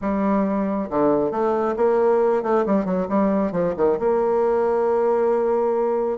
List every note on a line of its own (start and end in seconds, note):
0.01 0.89 G3
0.89 1.31 D3
1.31 1.75 A3
1.76 2.42 A#3
2.42 2.65 A3
2.66 2.85 G3
2.85 3.07 F#3
3.08 3.52 G3
3.52 3.74 F3
3.76 3.98 D#3
3.99 6.17 A#3